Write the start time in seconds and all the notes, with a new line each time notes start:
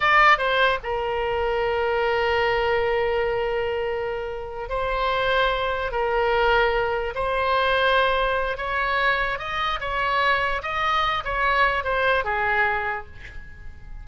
0.00 D5
0.38 C5
0.83 A#4
4.69 C5
5.91 A#4
7.14 C5
8.57 C#5
9.39 D#5
9.80 C#5
10.62 D#5
11.24 C#5
11.84 C5
12.24 G#4